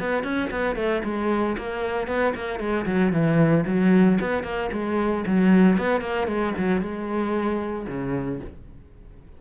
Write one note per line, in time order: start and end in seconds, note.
0.00 0.24 B3
0.24 0.50 C#4
0.51 0.76 B3
0.76 1.02 A3
1.04 1.57 G#3
1.58 2.08 A#3
2.08 2.34 B3
2.35 2.60 A#3
2.60 2.86 G#3
2.86 3.12 F#3
3.12 3.65 E3
3.67 4.19 F#3
4.21 4.44 B3
4.44 4.70 A#3
4.72 5.25 G#3
5.27 5.78 F#3
5.78 6.01 B3
6.01 6.28 A#3
6.28 6.54 G#3
6.58 6.82 F#3
6.82 7.87 G#3
7.88 8.41 C#3